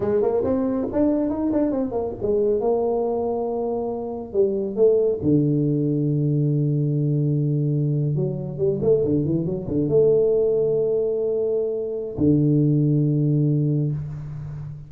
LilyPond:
\new Staff \with { instrumentName = "tuba" } { \time 4/4 \tempo 4 = 138 gis8 ais8 c'4 d'4 dis'8 d'8 | c'8 ais8 gis4 ais2~ | ais2 g4 a4 | d1~ |
d2~ d8. fis4 g16~ | g16 a8 d8 e8 fis8 d8 a4~ a16~ | a1 | d1 | }